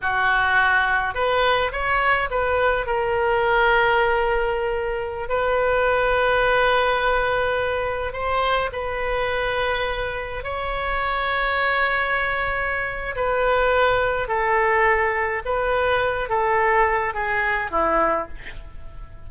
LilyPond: \new Staff \with { instrumentName = "oboe" } { \time 4/4 \tempo 4 = 105 fis'2 b'4 cis''4 | b'4 ais'2.~ | ais'4~ ais'16 b'2~ b'8.~ | b'2~ b'16 c''4 b'8.~ |
b'2~ b'16 cis''4.~ cis''16~ | cis''2. b'4~ | b'4 a'2 b'4~ | b'8 a'4. gis'4 e'4 | }